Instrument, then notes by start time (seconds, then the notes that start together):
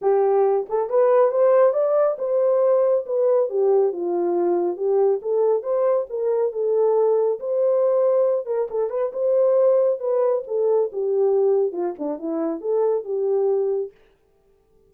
horn
0.01 G4
0.69 A4
0.89 B4
1.31 C5
1.73 D5
2.18 C5
3.06 B4
3.49 G4
3.92 F4
4.76 G4
5.22 A4
5.62 C5
6.09 A#4
6.52 A4
7.39 C5
8.46 A#4
8.70 A4
8.90 B4
9.13 C5
9.99 B4
10.47 A4
10.92 G4
11.72 F4
11.98 D4
12.19 E4
12.60 A4
13.04 G4